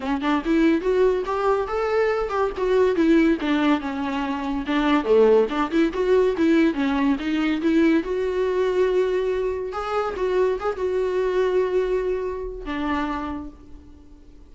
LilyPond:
\new Staff \with { instrumentName = "viola" } { \time 4/4 \tempo 4 = 142 cis'8 d'8 e'4 fis'4 g'4 | a'4. g'8 fis'4 e'4 | d'4 cis'2 d'4 | a4 d'8 e'8 fis'4 e'4 |
cis'4 dis'4 e'4 fis'4~ | fis'2. gis'4 | fis'4 gis'8 fis'2~ fis'8~ | fis'2 d'2 | }